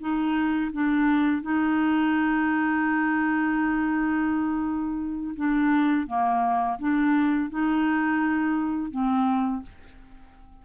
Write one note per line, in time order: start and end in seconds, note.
0.00 0.71 D#4
0.73 1.42 D4
1.42 5.35 D#4
5.36 6.07 D4
6.07 6.79 A#3
6.79 7.50 D4
7.50 8.91 D#4
8.91 9.62 C4